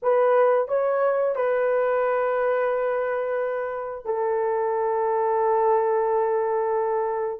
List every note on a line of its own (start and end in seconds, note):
0.02 0.68 B4
0.68 1.35 C#5
1.35 4.05 B4
4.05 7.40 A4